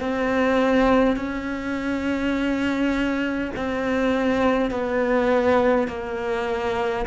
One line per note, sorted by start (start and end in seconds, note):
0.00 1.16 C4
1.16 3.51 C#4
3.56 4.71 C4
4.71 5.88 B3
5.88 7.05 A#3